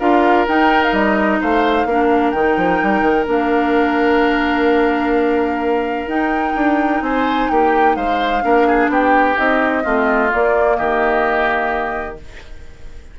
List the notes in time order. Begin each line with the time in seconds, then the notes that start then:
0.00 D4 F4 A#4 F5
0.48 D#4 G5
0.84 F5
0.93 G3 D#5
1.41 A3 C5 F5
1.86 A#3 D4 A#4
2.32 D#3 G5
2.38 D#4
2.58 F3
2.83 G3
3.02 D#3
3.26 A#3 D4 F5
6.07 D#4 G5
6.56 D4
7.02 C4 C5 G#5
7.50 A#3 G4 G5
7.96 G#3 C5 F5
8.42 A#3 D4 A#4
8.68 G#4
8.89 B3 G4 G5
9.36 C4 D#4 D#5
9.84 A3 C4 F4
10.29 A#3 D5
10.77 D#3 G4 D#5